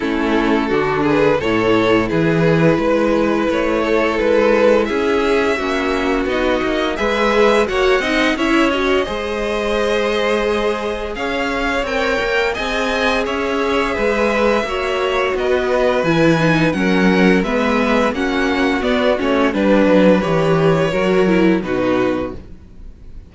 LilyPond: <<
  \new Staff \with { instrumentName = "violin" } { \time 4/4 \tempo 4 = 86 a'4. b'8 cis''4 b'4~ | b'4 cis''4 b'4 e''4~ | e''4 dis''4 e''4 fis''4 | e''8 dis''2.~ dis''8 |
f''4 g''4 gis''4 e''4~ | e''2 dis''4 gis''4 | fis''4 e''4 fis''4 d''8 cis''8 | b'4 cis''2 b'4 | }
  \new Staff \with { instrumentName = "violin" } { \time 4/4 e'4 fis'8 gis'8 a'4 gis'4 | b'4. a'4. gis'4 | fis'2 b'4 cis''8 dis''8 | cis''4 c''2. |
cis''2 dis''4 cis''4 | b'4 cis''4 b'2 | ais'4 b'4 fis'2 | b'2 ais'4 fis'4 | }
  \new Staff \with { instrumentName = "viola" } { \time 4/4 cis'4 d'4 e'2~ | e'1 | cis'4 dis'4 gis'4 fis'8 dis'8 | e'8 fis'8 gis'2.~ |
gis'4 ais'4 gis'2~ | gis'4 fis'2 e'8 dis'8 | cis'4 b4 cis'4 b8 cis'8 | d'4 g'4 fis'8 e'8 dis'4 | }
  \new Staff \with { instrumentName = "cello" } { \time 4/4 a4 d4 a,4 e4 | gis4 a4 gis4 cis'4 | ais4 b8 ais8 gis4 ais8 c'8 | cis'4 gis2. |
cis'4 c'8 ais8 c'4 cis'4 | gis4 ais4 b4 e4 | fis4 gis4 ais4 b8 a8 | g8 fis8 e4 fis4 b,4 | }
>>